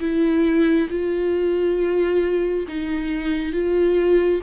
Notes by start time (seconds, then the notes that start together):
0.00 E4
0.90 F4
2.68 D#4
3.53 F4